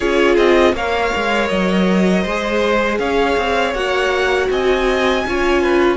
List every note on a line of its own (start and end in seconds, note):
0.00 0.36 C#4
0.00 0.75 F4
0.00 0.74 G#4
0.00 0.35 C#5
0.36 0.73 C4
0.36 0.74 D#5
0.73 1.10 A#3
0.73 2.27 A#4
0.73 2.22 C#5
0.73 1.48 F5
1.16 1.50 G#3
1.48 2.24 F#3
1.48 2.98 D#5
2.22 2.98 G#3
2.22 3.74 G#4
2.22 2.97 C5
2.98 3.36 C#4
2.98 4.50 C#5
2.98 3.74 F5
3.36 3.74 C4
3.74 4.49 A#3
3.74 5.24 F#4
3.74 4.49 F#5
4.49 5.24 C4
4.49 5.26 D#5
4.49 5.96 G#5
5.25 5.96 C#4
5.25 5.96 F4
5.25 5.62 C#5
5.62 5.96 B4